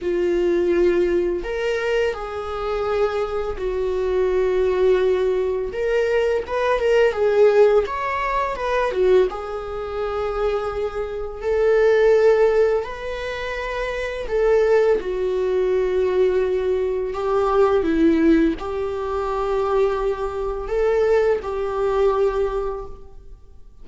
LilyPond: \new Staff \with { instrumentName = "viola" } { \time 4/4 \tempo 4 = 84 f'2 ais'4 gis'4~ | gis'4 fis'2. | ais'4 b'8 ais'8 gis'4 cis''4 | b'8 fis'8 gis'2. |
a'2 b'2 | a'4 fis'2. | g'4 e'4 g'2~ | g'4 a'4 g'2 | }